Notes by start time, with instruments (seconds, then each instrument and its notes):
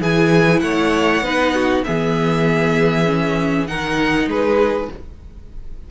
0.00 cello E3, viola E4, violin G#4 G#5
0.60 cello A3, violin C#5 F#5
1.21 cello B3, viola D#4, violin B4
1.54 violin F#4
1.85 cello E3, viola B3, violin G#4 E5
3.05 viola C#4
3.67 cello D#3, viola D#4, violin A#4 F#5
4.27 cello G#3, violin G#4 B4